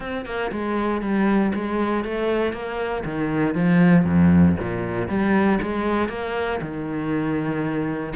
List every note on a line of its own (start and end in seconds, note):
0.00 0.25 C4
0.25 0.51 A#3
0.51 1.01 G#3
1.01 1.52 G3
1.54 2.04 G#3
2.04 2.52 A3
2.52 3.03 A#3
3.04 3.54 D#3
3.54 4.04 F3
4.04 4.55 F2
4.59 5.08 A#2
5.08 5.59 G3
5.62 6.09 G#3
6.09 6.59 A#3
6.61 8.13 D#3